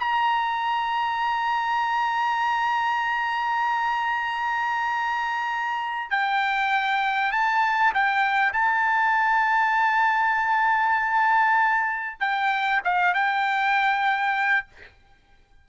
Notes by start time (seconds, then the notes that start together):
0.00 A#5
6.11 G5
7.32 A5
7.95 G5
8.53 A5
12.21 G5
12.85 F5
13.15 G5